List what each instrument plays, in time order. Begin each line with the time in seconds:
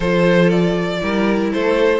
0.00 cello F3, viola F4, violin A4 C5
0.49 violin D5
1.01 cello G3, viola E4, violin A#4
1.52 cello A3, violin A4 C5